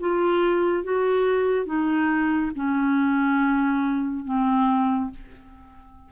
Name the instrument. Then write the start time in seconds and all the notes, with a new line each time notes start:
clarinet
0.00 F4
0.84 F#4
1.66 D#4
2.55 C#4
4.25 C4